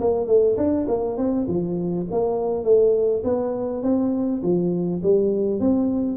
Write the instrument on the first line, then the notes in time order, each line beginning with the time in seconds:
tuba
0.00 A#3
0.27 A3
0.57 D4
0.88 A#3
1.17 C4
1.47 F3
2.11 A#3
2.64 A3
3.24 B3
3.83 C4
4.43 F3
5.02 G3
5.60 C4